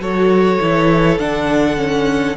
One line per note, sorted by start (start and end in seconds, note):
0.00 0.59 F#3
0.00 0.60 F#4
0.00 2.37 A4
0.00 1.19 C#5
0.61 1.19 E3
0.61 1.19 E4
1.19 2.37 D3
1.19 1.77 D4
1.19 2.37 F#5
1.77 2.36 C#4